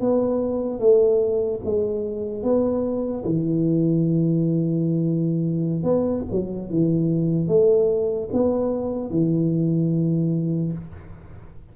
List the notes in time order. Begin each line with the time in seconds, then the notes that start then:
0.00 B3
0.79 A3
1.65 G#3
2.43 B3
3.25 E3
5.83 B3
6.32 F#3
6.70 E3
7.48 A3
8.33 B3
9.10 E3